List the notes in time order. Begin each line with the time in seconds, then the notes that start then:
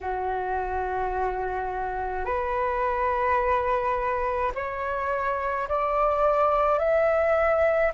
0.01 F#4
2.25 B4
4.54 C#5
5.68 D5
6.78 E5